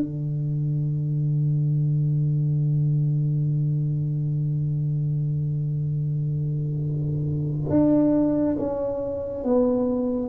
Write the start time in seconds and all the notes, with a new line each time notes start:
0.00 D3
7.70 D4
8.59 C#4
9.44 B3